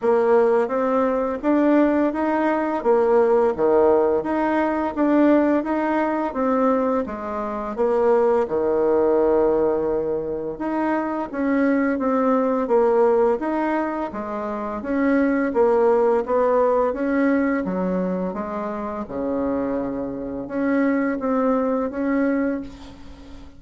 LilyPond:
\new Staff \with { instrumentName = "bassoon" } { \time 4/4 \tempo 4 = 85 ais4 c'4 d'4 dis'4 | ais4 dis4 dis'4 d'4 | dis'4 c'4 gis4 ais4 | dis2. dis'4 |
cis'4 c'4 ais4 dis'4 | gis4 cis'4 ais4 b4 | cis'4 fis4 gis4 cis4~ | cis4 cis'4 c'4 cis'4 | }